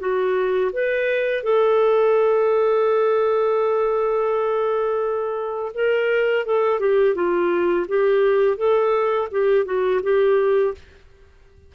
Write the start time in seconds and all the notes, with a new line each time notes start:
0.00 F#4
0.72 B4
1.44 A4
5.74 A#4
6.46 A4
6.80 G4
7.15 F4
7.88 G4
8.57 A4
9.31 G4
9.65 F#4
10.03 G4